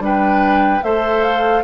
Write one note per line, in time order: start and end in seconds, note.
0.00 0.80 G3
0.00 0.81 D4
0.00 0.85 B4
0.00 0.84 G5
0.84 1.64 A3
0.84 1.64 A4
0.84 1.64 C5
0.84 1.24 E5
1.24 1.64 F5